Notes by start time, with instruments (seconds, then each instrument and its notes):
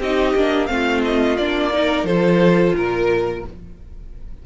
0.00 cello C4, viola D#4, violin G4 D#5
0.35 cello A#3, viola D4
0.66 cello A3, viola C4, violin F5
0.73 violin F4
1.05 violin D#5
1.37 cello A#3, viola D4, violin D5
1.73 viola D#4, violin A#4
2.04 cello F3, viola F4, violin A4 C5
2.76 cello A#2, violin A#4